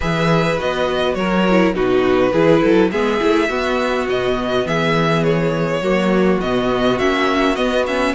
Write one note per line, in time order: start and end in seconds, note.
0.00 0.60 E3
0.00 0.58 G#4
0.00 1.16 B4
0.00 0.59 E5
0.58 1.15 B3
0.58 1.45 F#4
0.58 1.14 D#5
1.14 1.73 F#3
1.14 1.75 A#4
1.14 1.72 C#5
1.49 1.74 E4
1.73 2.32 B2
1.73 2.32 D#4
1.73 2.32 F#4
1.73 2.91 B4
2.32 2.62 E3
2.32 2.91 E4
2.32 2.61 G#4
2.61 2.91 F#3
2.61 2.90 A4
2.91 3.20 G#3
2.91 3.20 B3
2.91 3.49 G#4
2.91 4.07 E5
3.20 3.49 A3
3.20 3.49 E4
3.49 5.82 B3
3.49 4.08 B3
3.49 4.65 F#4
4.08 4.65 B2
4.08 4.67 D#5
4.65 5.81 E3
4.65 5.81 G#4
4.65 5.23 E5
5.23 6.40 C#5
5.81 6.39 F#3
5.81 6.41 A#3
5.81 8.14 F#4
6.40 6.99 B2
6.40 6.99 B3
6.40 6.98 D#5
6.98 7.56 A#3
6.98 7.55 C#4
6.98 7.55 E5
7.55 7.84 B3
7.55 8.14 B3
7.55 7.84 D#5
7.86 8.14 C#4
7.86 8.14 E5